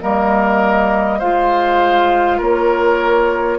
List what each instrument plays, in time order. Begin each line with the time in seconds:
0.00 bassoon G3, clarinet A#3, oboe A#4, flute D#5
1.19 bassoon G#3, clarinet F4, oboe C5, flute F5
2.37 bassoon A#3, oboe A#4, flute C#5